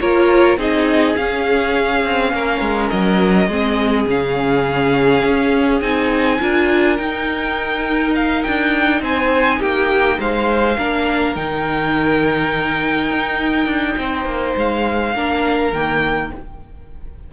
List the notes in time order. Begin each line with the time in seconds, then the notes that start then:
0.00 A#3 F4 A#4 C#5
0.57 C4 D#4 G#4 D#5
1.16 C#4 F5
2.04 C4
2.32 A#3 A#4
2.61 G#3
2.89 F#3 D#5
3.48 G#3 C4 G#4
4.07 C#3 C#4 F5
5.24 C#4
5.81 C4 D#4 G#5
6.40 D4 F4 A#4
6.97 D#4 G5
8.15 F5
8.43 D4 G5
9.01 C4 C5 G#5
9.59 A#3 G4 G5
10.19 G#3 C5 F5
10.77 A#3 D4 A#4
11.35 D#3 D#4 G5
13.10 D#4
13.66 D4
13.97 C4 C5
14.25 A#3
14.56 G#3 F5
15.14 A#3 D4 A#4
15.72 D#3 A#3 G5